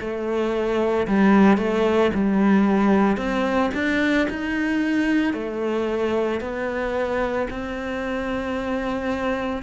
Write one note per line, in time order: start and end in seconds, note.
0.00 1.07 A3
1.07 1.57 G3
1.57 2.11 A3
2.14 3.17 G3
3.17 3.71 C4
3.74 4.28 D4
4.30 5.33 D#4
5.33 6.40 A3
6.40 7.48 B3
7.50 9.62 C4